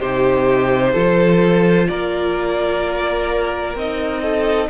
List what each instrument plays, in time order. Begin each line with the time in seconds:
0.00 cello C3, viola D#4, violin G4 C5
0.93 cello F3, viola F4, violin A4
1.88 cello A#3, violin A#4 D5
3.75 cello C4, viola D#4, violin D#5
4.22 violin A4